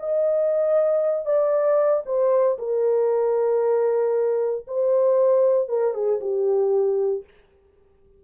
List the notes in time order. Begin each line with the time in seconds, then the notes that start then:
0.00 D#5
1.26 D5
2.06 C5
2.59 A#4
4.68 C5
5.69 A#4
5.94 G#4
6.21 G4